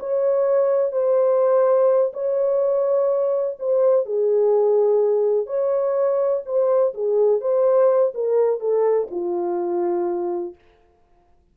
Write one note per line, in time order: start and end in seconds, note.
0.00 0.92 C#5
0.92 2.12 C5
2.13 3.57 C#5
3.60 4.06 C5
4.06 5.47 G#4
5.47 6.43 C#5
6.46 6.94 C5
6.94 7.41 G#4
7.41 8.13 C5
8.14 8.60 A#4
8.60 9.08 A4
9.11 10.55 F4